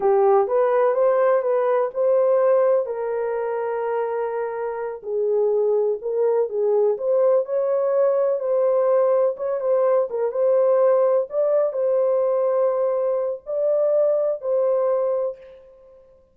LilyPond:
\new Staff \with { instrumentName = "horn" } { \time 4/4 \tempo 4 = 125 g'4 b'4 c''4 b'4 | c''2 ais'2~ | ais'2~ ais'8 gis'4.~ | gis'8 ais'4 gis'4 c''4 cis''8~ |
cis''4. c''2 cis''8 | c''4 ais'8 c''2 d''8~ | d''8 c''2.~ c''8 | d''2 c''2 | }